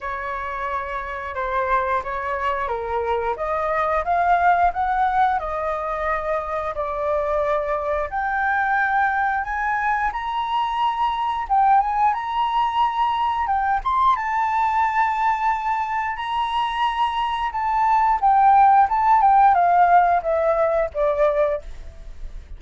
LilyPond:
\new Staff \with { instrumentName = "flute" } { \time 4/4 \tempo 4 = 89 cis''2 c''4 cis''4 | ais'4 dis''4 f''4 fis''4 | dis''2 d''2 | g''2 gis''4 ais''4~ |
ais''4 g''8 gis''8 ais''2 | g''8 c'''8 a''2. | ais''2 a''4 g''4 | a''8 g''8 f''4 e''4 d''4 | }